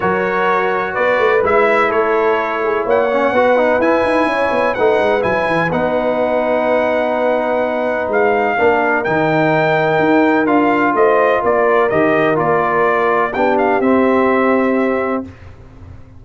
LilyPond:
<<
  \new Staff \with { instrumentName = "trumpet" } { \time 4/4 \tempo 4 = 126 cis''2 d''4 e''4 | cis''2 fis''2 | gis''2 fis''4 gis''4 | fis''1~ |
fis''4 f''2 g''4~ | g''2 f''4 dis''4 | d''4 dis''4 d''2 | g''8 f''8 e''2. | }
  \new Staff \with { instrumentName = "horn" } { \time 4/4 ais'2 b'2 | a'4. gis'8 cis''4 b'4~ | b'4 cis''4 b'2~ | b'1~ |
b'2 ais'2~ | ais'2. c''4 | ais'1 | g'1 | }
  \new Staff \with { instrumentName = "trombone" } { \time 4/4 fis'2. e'4~ | e'2~ e'8 cis'8 fis'8 dis'8 | e'2 dis'4 e'4 | dis'1~ |
dis'2 d'4 dis'4~ | dis'2 f'2~ | f'4 g'4 f'2 | d'4 c'2. | }
  \new Staff \with { instrumentName = "tuba" } { \time 4/4 fis2 b8 a8 gis4 | a2 ais4 b4 | e'8 dis'8 cis'8 b8 a8 gis8 fis8 e8 | b1~ |
b4 gis4 ais4 dis4~ | dis4 dis'4 d'4 a4 | ais4 dis4 ais2 | b4 c'2. | }
>>